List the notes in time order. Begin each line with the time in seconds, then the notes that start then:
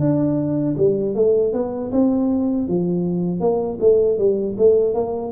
0.00 D4
0.77 G3
1.15 A3
1.53 B3
1.92 C4
2.68 F3
3.40 A#3
3.81 A3
4.18 G3
4.58 A3
4.95 A#3